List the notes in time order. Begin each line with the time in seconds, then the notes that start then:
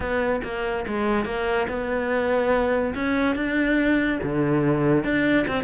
0.00 B3
0.43 A#3
0.87 G#3
1.25 A#3
1.68 B3
2.94 C#4
3.35 D4
4.22 D3
5.03 D4
5.47 C4